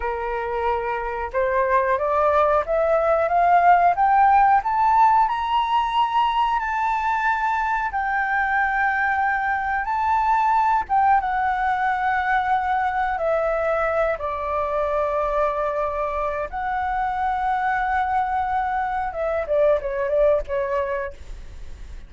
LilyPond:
\new Staff \with { instrumentName = "flute" } { \time 4/4 \tempo 4 = 91 ais'2 c''4 d''4 | e''4 f''4 g''4 a''4 | ais''2 a''2 | g''2. a''4~ |
a''8 g''8 fis''2. | e''4. d''2~ d''8~ | d''4 fis''2.~ | fis''4 e''8 d''8 cis''8 d''8 cis''4 | }